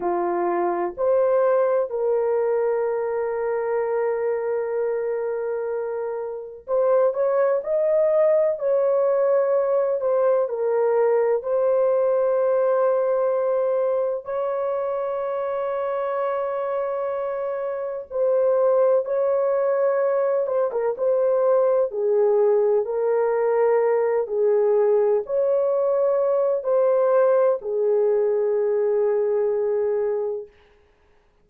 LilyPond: \new Staff \with { instrumentName = "horn" } { \time 4/4 \tempo 4 = 63 f'4 c''4 ais'2~ | ais'2. c''8 cis''8 | dis''4 cis''4. c''8 ais'4 | c''2. cis''4~ |
cis''2. c''4 | cis''4. c''16 ais'16 c''4 gis'4 | ais'4. gis'4 cis''4. | c''4 gis'2. | }